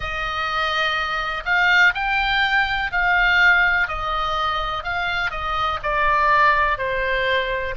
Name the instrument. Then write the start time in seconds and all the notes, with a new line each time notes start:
oboe
0.00 D#5
1.45 F5
1.94 G5
2.91 F5
3.88 D#5
4.83 F5
5.30 D#5
5.82 D5
6.77 C5